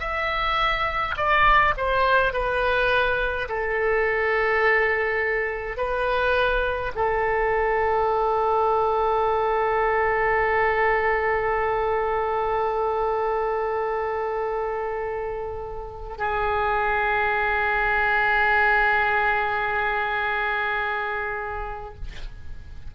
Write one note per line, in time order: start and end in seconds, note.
0.00 1.15 E5
1.17 1.75 D5
1.77 2.33 C5
2.33 3.48 B4
3.49 5.77 A4
5.77 6.92 B4
6.95 16.18 A4
16.18 21.95 G#4